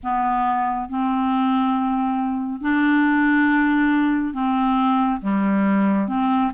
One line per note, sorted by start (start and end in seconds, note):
0.03 0.89 B3
0.89 2.61 C4
2.61 4.33 D4
4.33 5.20 C4
5.21 6.08 G3
6.08 6.51 C4